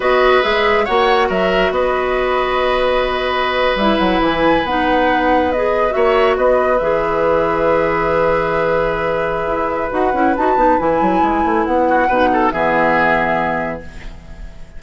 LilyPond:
<<
  \new Staff \with { instrumentName = "flute" } { \time 4/4 \tempo 4 = 139 dis''4 e''4 fis''4 e''4 | dis''1~ | dis''8. e''8 fis''8 gis''4 fis''4~ fis''16~ | fis''8. dis''4 e''4 dis''4 e''16~ |
e''1~ | e''2. fis''4 | a''4 gis''2 fis''4~ | fis''4 e''2. | }
  \new Staff \with { instrumentName = "oboe" } { \time 4/4 b'2 cis''4 ais'4 | b'1~ | b'1~ | b'4.~ b'16 cis''4 b'4~ b'16~ |
b'1~ | b'1~ | b'2.~ b'8 fis'8 | b'8 a'8 gis'2. | }
  \new Staff \with { instrumentName = "clarinet" } { \time 4/4 fis'4 gis'4 fis'2~ | fis'1~ | fis'8. e'2 dis'4~ dis'16~ | dis'8. gis'4 fis'2 gis'16~ |
gis'1~ | gis'2. fis'8 e'8 | fis'8 dis'8 e'2. | dis'4 b2. | }
  \new Staff \with { instrumentName = "bassoon" } { \time 4/4 b4 gis4 ais4 fis4 | b1~ | b8. g8 fis8 e4 b4~ b16~ | b4.~ b16 ais4 b4 e16~ |
e1~ | e2 e'4 dis'8 cis'8 | dis'8 b8 e8 fis8 gis8 a8 b4 | b,4 e2. | }
>>